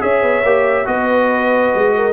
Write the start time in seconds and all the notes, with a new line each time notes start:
0.00 C#4 G#4 C#5 E5
0.22 B3
0.42 A#3 G4
0.84 B3 F#4 B4 D#5
1.74 G#3
1.95 A#4